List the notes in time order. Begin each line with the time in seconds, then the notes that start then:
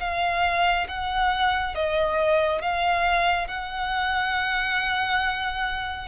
0.00 F5
0.88 F#5
1.75 D#5
2.62 F5
3.47 F#5